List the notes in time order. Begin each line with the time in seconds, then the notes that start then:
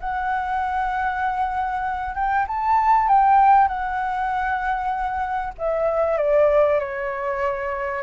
0.00 F#5
2.15 G5
2.47 A5
3.08 G5
3.67 F#5
5.58 E5
6.17 D5
6.79 C#5